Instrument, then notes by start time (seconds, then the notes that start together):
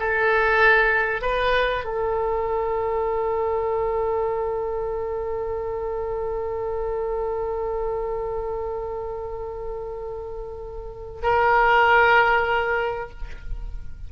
oboe
0.00 A4
1.22 B4
1.85 A4
11.23 A#4